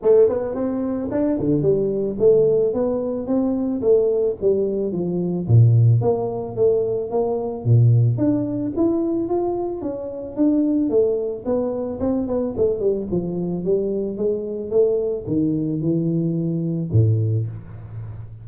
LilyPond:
\new Staff \with { instrumentName = "tuba" } { \time 4/4 \tempo 4 = 110 a8 b8 c'4 d'8 d8 g4 | a4 b4 c'4 a4 | g4 f4 ais,4 ais4 | a4 ais4 ais,4 d'4 |
e'4 f'4 cis'4 d'4 | a4 b4 c'8 b8 a8 g8 | f4 g4 gis4 a4 | dis4 e2 a,4 | }